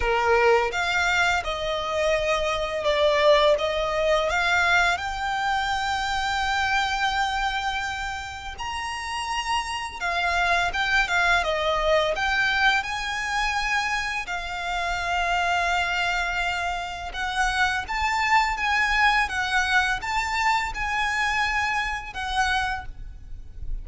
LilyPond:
\new Staff \with { instrumentName = "violin" } { \time 4/4 \tempo 4 = 84 ais'4 f''4 dis''2 | d''4 dis''4 f''4 g''4~ | g''1 | ais''2 f''4 g''8 f''8 |
dis''4 g''4 gis''2 | f''1 | fis''4 a''4 gis''4 fis''4 | a''4 gis''2 fis''4 | }